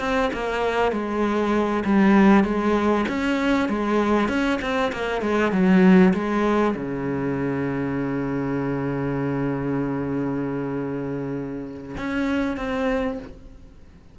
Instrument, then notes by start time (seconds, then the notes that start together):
cello
0.00 C4
0.34 A#3
0.92 G#3
1.85 G3
2.44 G#3
3.09 C#4
3.69 G#3
4.29 C#4
4.62 C4
4.93 A#3
5.22 G#3
5.53 F#3
6.14 G#3
6.76 C#3
11.97 C#4
12.57 C4